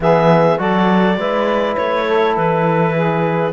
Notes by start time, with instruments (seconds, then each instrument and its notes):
0.00 cello E3, trombone B3, saxophone G#4, clarinet E5
0.57 cello F#3, trombone F#4, saxophone A4, clarinet D5
1.17 cello G#3, trombone E4, saxophone B4
1.76 cello A3, clarinet C#5
2.06 saxophone A4
2.36 cello E3, clarinet B4
2.94 saxophone G#4